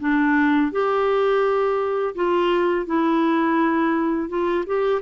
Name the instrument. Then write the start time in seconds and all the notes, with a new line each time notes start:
clarinet
0.00 D4
0.71 G4
2.15 F4
2.86 E4
4.29 F4
4.66 G4